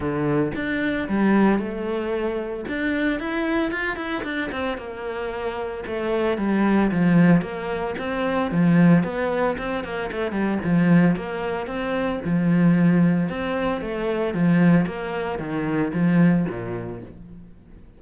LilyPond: \new Staff \with { instrumentName = "cello" } { \time 4/4 \tempo 4 = 113 d4 d'4 g4 a4~ | a4 d'4 e'4 f'8 e'8 | d'8 c'8 ais2 a4 | g4 f4 ais4 c'4 |
f4 b4 c'8 ais8 a8 g8 | f4 ais4 c'4 f4~ | f4 c'4 a4 f4 | ais4 dis4 f4 ais,4 | }